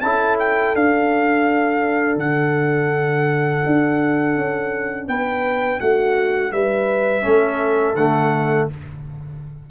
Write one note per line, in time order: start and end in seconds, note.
0.00 0.74 C#4
0.00 0.75 E4
0.00 5.09 A4
0.00 0.36 A5
0.39 0.75 G5
0.74 2.16 D4
0.74 7.21 D4
0.74 2.19 F5
2.16 3.60 D3
2.16 5.08 F#5
3.65 4.35 D4
4.35 5.07 C#4
5.07 5.79 B3
5.07 5.80 B4
5.07 5.80 G5
5.80 6.52 A3
5.80 6.52 F#4
5.80 6.52 F#5
6.52 7.24 G3
6.52 7.24 B4
6.52 7.95 E5
7.21 7.94 A3
7.21 7.94 C#4
7.21 8.69 A4
7.94 8.67 D3
7.94 8.70 A3
7.94 8.68 F#5